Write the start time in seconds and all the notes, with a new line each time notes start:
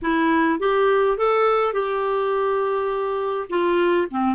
0.02 E4
0.59 G4
1.17 A4
1.73 G4
3.50 F4
4.10 C4